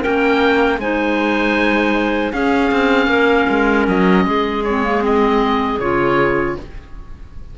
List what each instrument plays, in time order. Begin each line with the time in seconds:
0.00 cello A#3, clarinet C#4 A#4, oboe G5
0.78 cello G#3, clarinet D#4 C5, oboe G#5
2.33 cello C#4, clarinet C#4 G#4, oboe F5
2.71 cello C4
3.07 cello A#3, clarinet A#4
3.49 cello G#3
3.88 cello F#3, oboe D#5
4.25 cello G#3, clarinet G#4
4.64 clarinet C4, oboe C#5
4.83 clarinet A#3
5.02 clarinet C4, oboe D#5
5.79 cello C#3, clarinet F4, oboe C#5